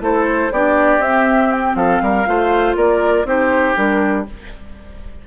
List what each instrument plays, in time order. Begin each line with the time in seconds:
0.00 bassoon A3, clarinet E4, oboe A4, flute C5
0.51 bassoon B3, clarinet D4, oboe G4, flute D5
0.99 bassoon C4, clarinet C4, flute E5
1.52 flute G5
1.76 bassoon F3, oboe A4, flute F5
2.02 bassoon G3, oboe A#4
2.25 bassoon A3, clarinet F4, oboe C5
2.76 bassoon A#3, oboe A#4, flute D5
3.25 bassoon C4, clarinet D#4, oboe G4, flute C5
3.75 bassoon G3, clarinet D4, flute A#4